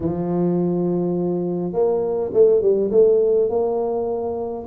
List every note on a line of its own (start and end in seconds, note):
0.00 1.72 F3
1.72 2.31 A#3
2.33 2.61 A3
2.61 2.90 G3
2.91 3.49 A3
3.49 4.66 A#3